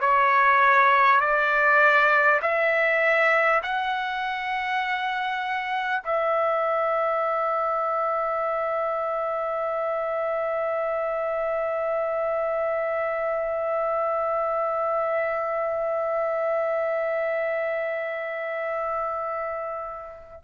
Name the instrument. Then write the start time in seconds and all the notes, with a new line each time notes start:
trumpet
0.00 C#5
1.20 D5
2.42 E5
3.63 F#5
6.04 E5